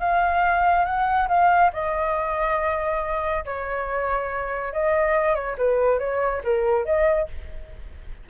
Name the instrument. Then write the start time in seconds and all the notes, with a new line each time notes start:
flute
0.00 F5
0.85 F#5
1.28 F5
1.73 D#5
3.45 C#5
4.73 D#5
5.35 C#5
5.58 B4
5.99 C#5
6.44 A#4
6.86 D#5